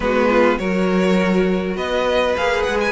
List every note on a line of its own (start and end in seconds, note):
0.00 0.58 G#3
0.00 0.58 B3
0.00 0.29 F#4
0.00 0.58 B4
0.29 0.58 F4
0.58 1.76 F#3
0.58 2.35 F#4
0.58 1.76 A#4
0.58 1.75 C#5
1.76 2.35 B3
1.76 2.92 B4
1.76 2.35 D#5
2.36 2.67 A#3
2.36 2.92 G#4
2.36 2.62 F5
2.62 2.92 G#3
2.62 2.77 F#5
2.80 2.92 G#5